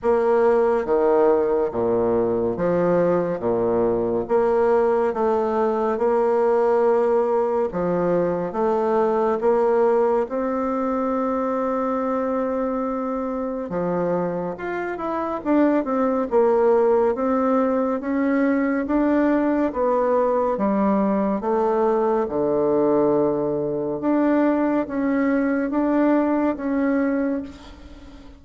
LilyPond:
\new Staff \with { instrumentName = "bassoon" } { \time 4/4 \tempo 4 = 70 ais4 dis4 ais,4 f4 | ais,4 ais4 a4 ais4~ | ais4 f4 a4 ais4 | c'1 |
f4 f'8 e'8 d'8 c'8 ais4 | c'4 cis'4 d'4 b4 | g4 a4 d2 | d'4 cis'4 d'4 cis'4 | }